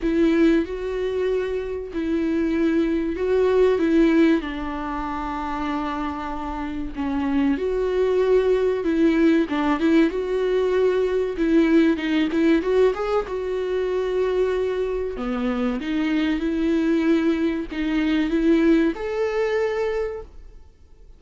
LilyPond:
\new Staff \with { instrumentName = "viola" } { \time 4/4 \tempo 4 = 95 e'4 fis'2 e'4~ | e'4 fis'4 e'4 d'4~ | d'2. cis'4 | fis'2 e'4 d'8 e'8 |
fis'2 e'4 dis'8 e'8 | fis'8 gis'8 fis'2. | b4 dis'4 e'2 | dis'4 e'4 a'2 | }